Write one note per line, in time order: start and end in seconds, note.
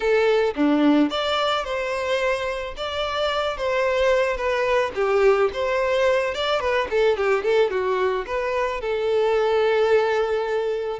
0.00 0.54 A4
0.55 1.10 D4
1.10 1.64 D5
1.64 2.74 C5
2.76 3.57 D5
3.57 4.36 C5
4.36 4.91 B4
4.94 5.49 G4
5.53 6.34 C5
6.34 6.60 D5
6.60 6.87 B4
6.90 7.17 A4
7.17 7.43 G4
7.43 7.70 A4
7.70 8.25 F#4
8.26 8.80 B4
8.80 10.99 A4